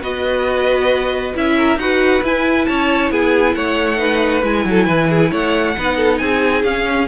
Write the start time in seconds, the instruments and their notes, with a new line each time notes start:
0.00 cello B3, viola F#4, violin B4 D#5
1.34 cello C#4, viola E4, violin E5
1.57 violin A#4
1.76 cello D#4, viola F#4, violin B4 F#5
2.23 cello E4, viola E4, violin G#5
2.66 cello C#4, violin C#5 A5
3.11 cello B3, violin G#4 G#5
3.55 cello A3, violin C#5 F#5
3.97 viola D#4, violin B4
4.43 cello G#3, viola E4, violin G#5
4.65 cello F#3, violin A4
4.85 cello E3, violin B4
5.09 violin G#4
5.30 cello A3, violin C#5 F#5
5.77 cello B3, viola D#4, violin B4
5.97 violin A4
6.18 cello C4, violin G#4 G#5
6.63 cello C#4, viola C#4, violin F5